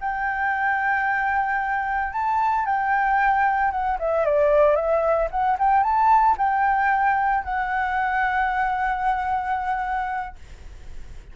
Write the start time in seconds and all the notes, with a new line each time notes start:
0.00 G5
2.12 A5
2.65 G5
3.71 F#5
3.99 E5
4.25 D5
4.75 E5
5.30 F#5
5.58 G5
5.83 A5
6.37 G5
7.44 F#5